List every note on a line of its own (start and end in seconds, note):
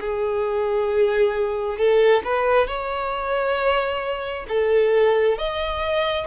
0.00 1.78 G#4
1.78 2.23 A4
2.24 2.67 B4
2.67 4.46 C#5
4.49 5.38 A4
5.38 6.26 D#5